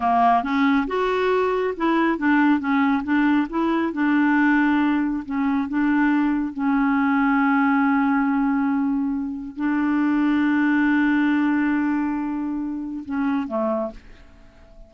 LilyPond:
\new Staff \with { instrumentName = "clarinet" } { \time 4/4 \tempo 4 = 138 ais4 cis'4 fis'2 | e'4 d'4 cis'4 d'4 | e'4 d'2. | cis'4 d'2 cis'4~ |
cis'1~ | cis'2 d'2~ | d'1~ | d'2 cis'4 a4 | }